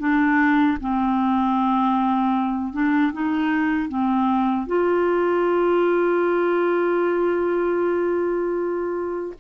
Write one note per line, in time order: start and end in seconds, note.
0.00 0.78 D4
0.81 2.73 C4
2.73 3.12 D4
3.13 3.89 D#4
3.89 4.67 C4
4.67 9.34 F4